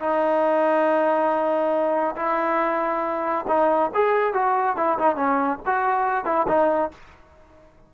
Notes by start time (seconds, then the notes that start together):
0.00 D#4
2.16 E4
3.48 D#4
3.95 G#4
4.34 F#4
4.77 E4
4.99 D#4
5.16 C#4
5.66 F#4
6.25 E4
6.48 D#4